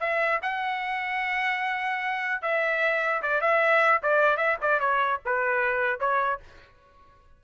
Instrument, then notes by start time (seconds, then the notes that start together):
trumpet
0.00 E5
0.42 F#5
2.41 E5
3.22 D5
3.41 E5
4.03 D5
4.37 E5
4.61 D5
4.80 C#5
5.25 B4
5.99 C#5